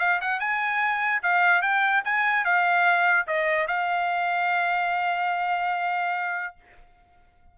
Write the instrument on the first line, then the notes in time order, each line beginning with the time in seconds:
trumpet
0.00 F5
0.22 F#5
0.40 G#5
1.23 F5
1.62 G5
2.05 G#5
2.45 F5
3.27 D#5
3.68 F5